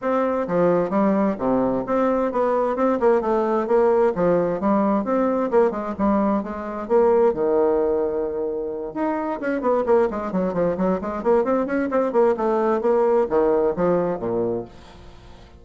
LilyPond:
\new Staff \with { instrumentName = "bassoon" } { \time 4/4 \tempo 4 = 131 c'4 f4 g4 c4 | c'4 b4 c'8 ais8 a4 | ais4 f4 g4 c'4 | ais8 gis8 g4 gis4 ais4 |
dis2.~ dis8 dis'8~ | dis'8 cis'8 b8 ais8 gis8 fis8 f8 fis8 | gis8 ais8 c'8 cis'8 c'8 ais8 a4 | ais4 dis4 f4 ais,4 | }